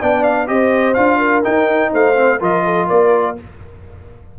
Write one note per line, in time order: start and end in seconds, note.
0.00 0.49 B3
0.00 0.47 D4
0.00 0.48 D5
0.00 0.23 G5
0.23 0.47 F5
0.47 0.97 C4
0.47 0.95 G4
0.47 1.18 C5
0.47 0.94 D#5
0.94 1.45 D4
0.94 1.43 F4
0.94 1.42 F5
1.18 1.90 A#4
1.43 2.15 D#4
1.43 1.93 D#4
1.43 1.92 G5
1.92 2.41 A3
1.92 2.40 C5
1.92 2.42 F5
2.15 2.39 C4
2.40 2.89 F3
2.40 3.36 F4
2.40 2.64 A#4
2.40 2.89 D#5
2.65 2.87 A4
2.87 3.39 A#3
2.87 3.35 A#4
2.87 3.37 D5